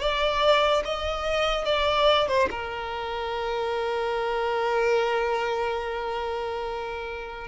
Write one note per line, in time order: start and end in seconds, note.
0.00 0.83 D5
0.85 1.65 D#5
1.65 2.28 D5
2.28 2.49 C5
2.50 7.47 A#4